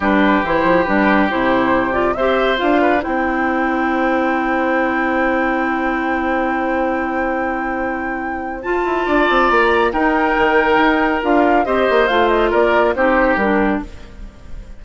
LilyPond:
<<
  \new Staff \with { instrumentName = "flute" } { \time 4/4 \tempo 4 = 139 b'4 c''4 b'4 c''4~ | c''8 d''8 e''4 f''4 g''4~ | g''1~ | g''1~ |
g''1 | a''2 ais''4 g''4~ | g''2 f''4 dis''4 | f''8 dis''8 d''4 c''4 ais'4 | }
  \new Staff \with { instrumentName = "oboe" } { \time 4/4 g'1~ | g'4 c''4. b'8 c''4~ | c''1~ | c''1~ |
c''1~ | c''4 d''2 ais'4~ | ais'2. c''4~ | c''4 ais'4 g'2 | }
  \new Staff \with { instrumentName = "clarinet" } { \time 4/4 d'4 e'4 d'4 e'4~ | e'8 f'8 g'4 f'4 e'4~ | e'1~ | e'1~ |
e'1 | f'2. dis'4~ | dis'2 f'4 g'4 | f'2 dis'4 d'4 | }
  \new Staff \with { instrumentName = "bassoon" } { \time 4/4 g4 e8 f8 g4 c4~ | c4 c'4 d'4 c'4~ | c'1~ | c'1~ |
c'1 | f'8 e'8 d'8 c'8 ais4 dis'4 | dis4 dis'4 d'4 c'8 ais8 | a4 ais4 c'4 g4 | }
>>